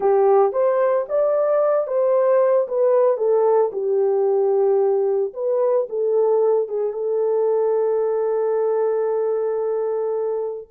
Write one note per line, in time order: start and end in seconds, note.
0.00 0.52 G4
0.52 1.06 C5
1.09 1.87 D5
1.87 2.67 C5
2.68 3.17 B4
3.17 3.71 A4
3.72 5.33 G4
5.33 5.87 B4
5.89 6.68 A4
6.68 6.93 G#4
6.93 10.68 A4